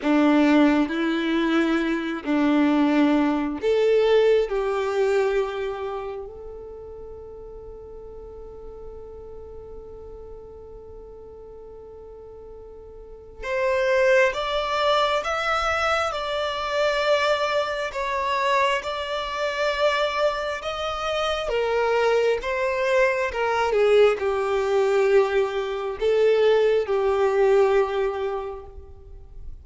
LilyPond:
\new Staff \with { instrumentName = "violin" } { \time 4/4 \tempo 4 = 67 d'4 e'4. d'4. | a'4 g'2 a'4~ | a'1~ | a'2. c''4 |
d''4 e''4 d''2 | cis''4 d''2 dis''4 | ais'4 c''4 ais'8 gis'8 g'4~ | g'4 a'4 g'2 | }